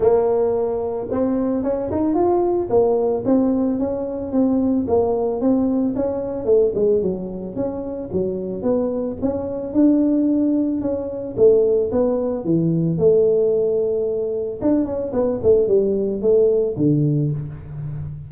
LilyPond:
\new Staff \with { instrumentName = "tuba" } { \time 4/4 \tempo 4 = 111 ais2 c'4 cis'8 dis'8 | f'4 ais4 c'4 cis'4 | c'4 ais4 c'4 cis'4 | a8 gis8 fis4 cis'4 fis4 |
b4 cis'4 d'2 | cis'4 a4 b4 e4 | a2. d'8 cis'8 | b8 a8 g4 a4 d4 | }